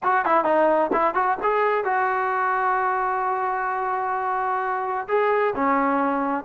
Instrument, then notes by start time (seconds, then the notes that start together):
trombone
0.03 F#4
0.25 E4
0.44 D#4
0.93 E4
1.14 F#4
1.42 G#4
1.84 F#4
5.07 G#4
5.55 C#4